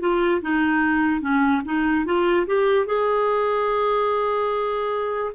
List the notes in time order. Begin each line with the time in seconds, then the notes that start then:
0.00 F4
0.41 D#4
1.21 C#4
1.65 D#4
2.05 F4
2.47 G4
2.86 G#4